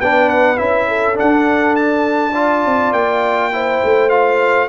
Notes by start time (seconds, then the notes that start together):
0.00 B3 D4 B4 G5
0.30 F#5
0.57 C#4 E4 E5
0.88 A4
1.15 D4 F#5
1.21 D4
1.76 A5
2.32 F4 D5
2.66 C4
2.93 A#3 G5
3.52 E4 C5
3.84 A3
4.09 F4 F5